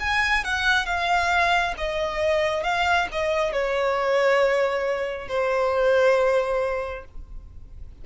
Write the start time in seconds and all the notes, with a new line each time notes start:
0.00 G#5
0.45 F#5
0.86 F5
1.78 D#5
2.64 F5
3.12 D#5
3.53 C#5
5.28 C5